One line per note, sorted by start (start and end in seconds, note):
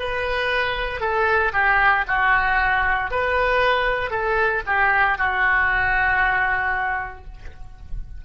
0.00 1.01 B4
1.01 1.52 A4
1.53 2.05 G4
2.08 3.11 F#4
3.11 4.11 B4
4.11 4.63 A4
4.67 5.19 G4
5.19 7.26 F#4